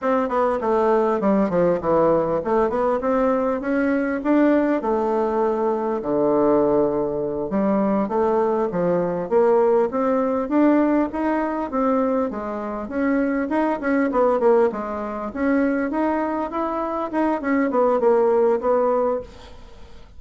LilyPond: \new Staff \with { instrumentName = "bassoon" } { \time 4/4 \tempo 4 = 100 c'8 b8 a4 g8 f8 e4 | a8 b8 c'4 cis'4 d'4 | a2 d2~ | d8 g4 a4 f4 ais8~ |
ais8 c'4 d'4 dis'4 c'8~ | c'8 gis4 cis'4 dis'8 cis'8 b8 | ais8 gis4 cis'4 dis'4 e'8~ | e'8 dis'8 cis'8 b8 ais4 b4 | }